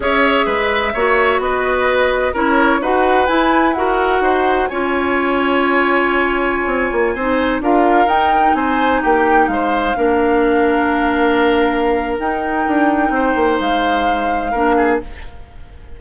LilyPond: <<
  \new Staff \with { instrumentName = "flute" } { \time 4/4 \tempo 4 = 128 e''2. dis''4~ | dis''4 cis''4 fis''4 gis''4 | fis''2 gis''2~ | gis''1~ |
gis''16 f''4 g''4 gis''4 g''8.~ | g''16 f''2.~ f''8.~ | f''2 g''2~ | g''4 f''2. | }
  \new Staff \with { instrumentName = "oboe" } { \time 4/4 cis''4 b'4 cis''4 b'4~ | b'4 ais'4 b'2 | ais'4 c''4 cis''2~ | cis''2.~ cis''16 c''8.~ |
c''16 ais'2 c''4 g'8.~ | g'16 c''4 ais'2~ ais'8.~ | ais'1 | c''2. ais'8 gis'8 | }
  \new Staff \with { instrumentName = "clarinet" } { \time 4/4 gis'2 fis'2~ | fis'4 e'4 fis'4 e'4 | fis'2 f'2~ | f'2.~ f'16 dis'8.~ |
dis'16 f'4 dis'2~ dis'8.~ | dis'4~ dis'16 d'2~ d'8.~ | d'2 dis'2~ | dis'2. d'4 | }
  \new Staff \with { instrumentName = "bassoon" } { \time 4/4 cis'4 gis4 ais4 b4~ | b4 cis'4 dis'4 e'4~ | e'4 dis'4 cis'2~ | cis'2~ cis'16 c'8 ais8 c'8.~ |
c'16 d'4 dis'4 c'4 ais8.~ | ais16 gis4 ais2~ ais8.~ | ais2 dis'4 d'4 | c'8 ais8 gis2 ais4 | }
>>